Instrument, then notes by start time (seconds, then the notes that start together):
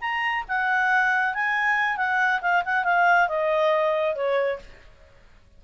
clarinet
0.00 A#5
0.48 F#5
1.34 G#5
1.96 F#5
2.41 F5
2.65 F#5
2.84 F5
3.28 D#5
4.15 C#5